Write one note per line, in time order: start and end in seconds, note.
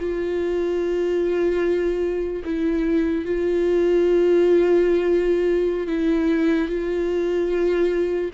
0.00 2.43 F4
2.45 3.26 E4
3.26 5.87 F4
5.87 6.69 E4
6.69 8.31 F4